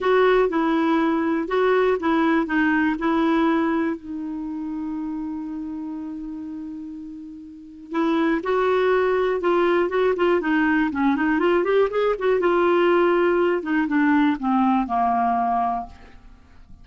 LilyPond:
\new Staff \with { instrumentName = "clarinet" } { \time 4/4 \tempo 4 = 121 fis'4 e'2 fis'4 | e'4 dis'4 e'2 | dis'1~ | dis'1 |
e'4 fis'2 f'4 | fis'8 f'8 dis'4 cis'8 dis'8 f'8 g'8 | gis'8 fis'8 f'2~ f'8 dis'8 | d'4 c'4 ais2 | }